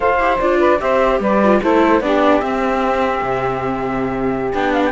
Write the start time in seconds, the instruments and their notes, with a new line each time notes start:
0.00 cello F4, viola A4, saxophone C5, flute F5
0.19 cello E4, viola G4
0.40 cello D4, viola F4, flute D5
0.59 saxophone B4
0.78 cello C4, viola G4, saxophone C5, flute E5
1.19 cello G3, saxophone B4, flute D5
1.43 viola F4
1.62 cello A3, viola E4, saxophone A4, flute C5
2.00 cello B3, viola D4, saxophone G4, flute D5
2.41 viola C4, cello C4, flute E5
3.22 cello C3
4.53 cello B3, viola D4, flute G5
4.73 flute F5
4.85 flute G5